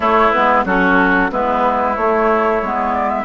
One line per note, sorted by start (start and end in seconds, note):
0.00 0.29 A3
0.00 0.33 A3
0.00 0.65 E4
0.00 0.31 C#5
0.31 0.64 G#3
0.31 0.66 B3
0.31 0.63 B4
0.64 1.29 F#3
0.64 1.31 C#4
0.64 1.31 F#4
0.64 1.31 A4
1.31 1.96 G#3
1.31 1.96 B3
1.31 3.24 E4
1.31 1.96 B4
1.96 2.62 A3
1.96 2.63 A3
1.96 2.93 C#5
2.62 3.24 G#3
2.62 3.24 B3
2.93 3.09 D5
3.09 3.24 E5